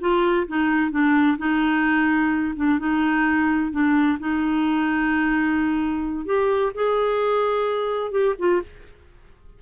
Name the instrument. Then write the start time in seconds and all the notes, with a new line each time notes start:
clarinet
0.00 F4
0.47 D#4
0.91 D4
1.38 D#4
2.56 D4
2.78 D#4
3.71 D4
4.19 D#4
6.25 G4
6.74 G#4
8.11 G4
8.38 F4